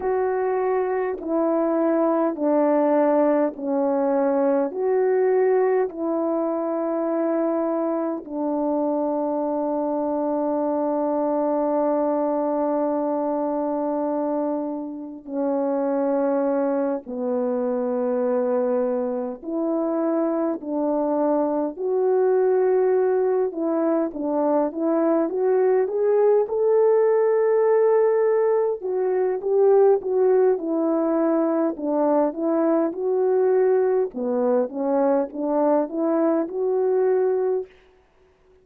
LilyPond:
\new Staff \with { instrumentName = "horn" } { \time 4/4 \tempo 4 = 51 fis'4 e'4 d'4 cis'4 | fis'4 e'2 d'4~ | d'1~ | d'4 cis'4. b4.~ |
b8 e'4 d'4 fis'4. | e'8 d'8 e'8 fis'8 gis'8 a'4.~ | a'8 fis'8 g'8 fis'8 e'4 d'8 e'8 | fis'4 b8 cis'8 d'8 e'8 fis'4 | }